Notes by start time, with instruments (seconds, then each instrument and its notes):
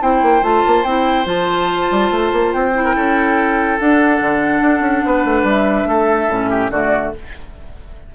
0.00 bassoon C4, clarinet E4, oboe C5, flute G5
0.22 bassoon A#3
0.41 bassoon A3, clarinet F4, flute A5
0.66 bassoon A#3
0.83 bassoon C4, clarinet E4, flute G5
1.24 bassoon F3, clarinet F4, flute A5
1.91 bassoon G3
2.10 bassoon A3
2.32 bassoon A#3
2.52 bassoon C4, flute G5
2.74 clarinet E4
2.84 oboe A#4
2.95 bassoon C#4, oboe A4
3.79 bassoon D4, clarinet D4, flute F#5
4.20 bassoon D3
4.60 bassoon D4
4.80 bassoon C#4
5.04 bassoon B3, oboe B4
5.24 bassoon A3
5.42 bassoon G3, flute E5
5.85 bassoon A3, oboe A4
6.28 bassoon A2, clarinet C#4
6.49 oboe G4
6.71 bassoon D3, clarinet A3, oboe F#4, flute D5